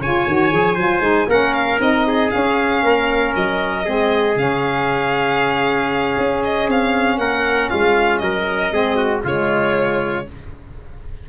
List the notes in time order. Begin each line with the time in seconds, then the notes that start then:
0.00 C#3 F4 C#5 G#5
0.27 D#3 F#4
0.51 F3 G#4
0.75 F#3 F4 C5
1.01 G#3 D#4
1.28 A#3 C#4 A#4 F#5
1.54 F5
1.80 C4 D#4 D#5
2.07 G#4
2.30 C#4 F5
2.83 A#3 A#4
3.36 F#3 D#5
3.84 G#3 C4 G#4
4.36 C#3 C#4 F5
6.18 C#4
6.44 D#5
6.68 C4 F5
7.18 A#3 A#4 F#5
7.70 G#3 F4 F5
8.18 F#3 A#4 D#5
8.71 G#3 C4 G#4
8.97 F#4
9.24 C#3 G#3 F4 C#5